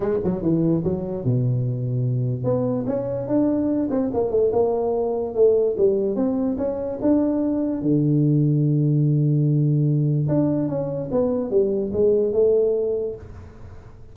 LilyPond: \new Staff \with { instrumentName = "tuba" } { \time 4/4 \tempo 4 = 146 gis8 fis8 e4 fis4 b,4~ | b,2 b4 cis'4 | d'4. c'8 ais8 a8 ais4~ | ais4 a4 g4 c'4 |
cis'4 d'2 d4~ | d1~ | d4 d'4 cis'4 b4 | g4 gis4 a2 | }